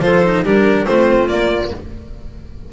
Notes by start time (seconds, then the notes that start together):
0.00 F3 F4 A4 C5
0.24 D#4
0.43 G3 D4 G4 A#4
0.86 A3 C4 F4 C5
1.28 A#3 D5